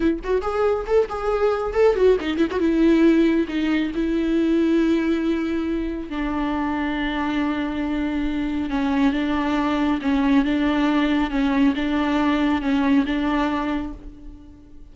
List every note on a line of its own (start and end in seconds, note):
0.00 0.20 E4
0.23 0.41 F#4
0.41 0.85 G#4
0.86 1.08 A4
1.09 1.73 G#4
1.73 1.95 A4
1.95 2.17 F#4
2.20 2.37 D#4
2.37 2.48 E4
2.51 2.59 F#4
2.59 3.46 E4
3.48 3.91 D#4
3.94 6.09 E4
6.09 8.70 D4
8.70 9.12 C#4
9.12 9.99 D4
10.01 10.44 C#4
10.44 11.30 D4
11.30 11.74 C#4
11.75 12.61 D4
12.61 13.05 C#4
13.06 13.92 D4